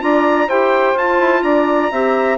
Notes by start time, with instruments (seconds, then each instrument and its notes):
0.00 bassoon D4, clarinet F4, saxophone D5, trumpet A#5
0.47 bassoon E4, clarinet G4, saxophone C5, trumpet G5
0.94 bassoon F4, clarinet F4, trumpet A5
1.19 bassoon E4
1.42 bassoon D4, saxophone D5, trumpet A#5
1.91 bassoon C4, clarinet G4, saxophone E5